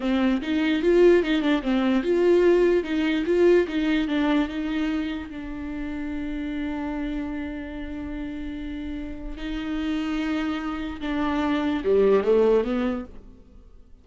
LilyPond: \new Staff \with { instrumentName = "viola" } { \time 4/4 \tempo 4 = 147 c'4 dis'4 f'4 dis'8 d'8 | c'4 f'2 dis'4 | f'4 dis'4 d'4 dis'4~ | dis'4 d'2.~ |
d'1~ | d'2. dis'4~ | dis'2. d'4~ | d'4 g4 a4 b4 | }